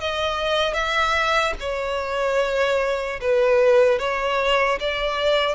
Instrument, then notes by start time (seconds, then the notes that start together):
violin
0.00 D#5
0.73 E5
1.60 C#5
3.20 B4
3.99 C#5
4.80 D5